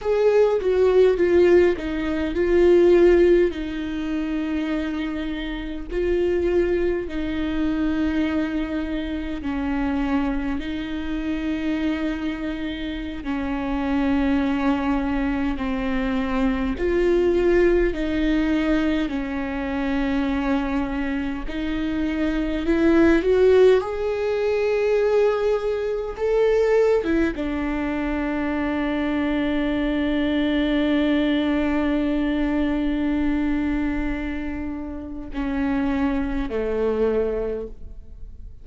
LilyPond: \new Staff \with { instrumentName = "viola" } { \time 4/4 \tempo 4 = 51 gis'8 fis'8 f'8 dis'8 f'4 dis'4~ | dis'4 f'4 dis'2 | cis'4 dis'2~ dis'16 cis'8.~ | cis'4~ cis'16 c'4 f'4 dis'8.~ |
dis'16 cis'2 dis'4 e'8 fis'16~ | fis'16 gis'2 a'8. e'16 d'8.~ | d'1~ | d'2 cis'4 a4 | }